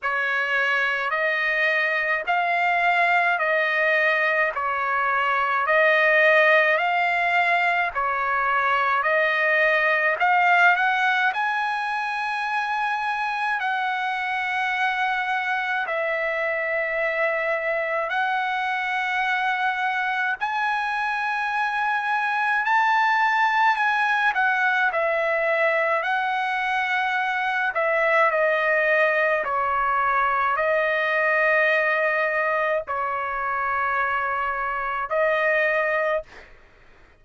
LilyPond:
\new Staff \with { instrumentName = "trumpet" } { \time 4/4 \tempo 4 = 53 cis''4 dis''4 f''4 dis''4 | cis''4 dis''4 f''4 cis''4 | dis''4 f''8 fis''8 gis''2 | fis''2 e''2 |
fis''2 gis''2 | a''4 gis''8 fis''8 e''4 fis''4~ | fis''8 e''8 dis''4 cis''4 dis''4~ | dis''4 cis''2 dis''4 | }